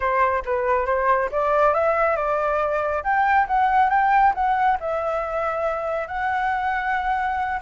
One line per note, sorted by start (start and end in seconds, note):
0.00 0.43 C5
0.45 0.86 B4
0.86 1.29 C5
1.31 1.74 D5
1.74 2.16 E5
2.16 3.03 D5
3.03 3.47 G5
3.47 3.89 F#5
3.89 4.33 G5
4.34 4.77 F#5
4.80 6.07 E5
6.07 7.59 F#5